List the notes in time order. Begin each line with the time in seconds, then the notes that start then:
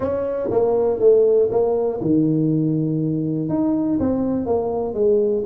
0.00 C#4
0.50 A#3
0.99 A3
1.50 A#3
2.01 D#3
3.49 D#4
3.99 C4
4.45 A#3
4.94 G#3